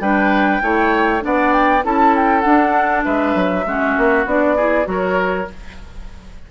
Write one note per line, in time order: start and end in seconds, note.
0.00 0.61 G3
0.00 0.62 D4
0.00 0.62 B4
0.00 1.22 G5
0.62 1.23 A3
0.62 1.21 E4
0.62 1.24 C#5
1.21 1.84 B3
1.21 1.81 D4
1.21 1.85 D5
1.21 1.53 F#5
1.53 1.83 G5
1.84 2.45 C#4
1.84 2.43 E4
1.84 3.05 A4
1.84 2.15 A5
2.16 2.41 G5
2.41 3.64 D4
2.41 3.05 D4
2.41 3.01 F#5
3.05 3.35 G#3
3.05 3.65 B4
3.05 4.26 E5
3.35 3.65 F#3
3.66 3.96 G#3
3.66 4.27 C#4
3.66 4.56 F#4
3.97 4.26 A#3
4.26 4.86 B3
4.26 4.57 D4
4.26 4.88 D5
4.56 4.84 E4
4.56 4.86 G#4
4.84 5.48 F#3
4.84 5.45 F#4
4.84 5.51 A#4
4.84 5.50 C#5